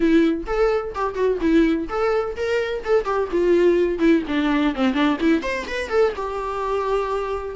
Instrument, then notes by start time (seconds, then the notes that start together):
viola
0.00 E4
0.46 A4
0.94 G4
1.14 F#4
1.40 E4
1.89 A4
2.36 A#4
2.84 A4
3.04 G4
3.31 F4
3.99 E4
4.27 D4
4.74 C4
4.93 D4
5.20 E4
5.42 C5
5.67 B4
5.89 A4
6.15 G4